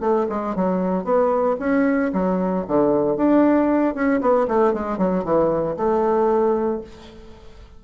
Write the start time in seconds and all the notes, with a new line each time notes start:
0.00 A3
0.29 G#3
0.55 F#3
1.04 B3
1.59 C#4
2.13 F#3
2.67 D3
3.16 D4
3.94 C#4
4.21 B3
4.47 A3
4.73 G#3
4.98 F#3
5.24 E3
5.76 A3